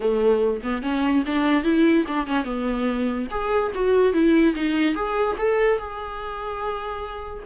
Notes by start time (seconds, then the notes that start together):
0.00 A3
0.63 B3
0.82 C#4
1.26 D4
1.63 E4
2.07 D4
2.26 C#4
2.44 B3
3.30 G#4
3.74 F#4
4.13 E4
4.55 D#4
4.95 G#4
5.38 A4
5.78 G#4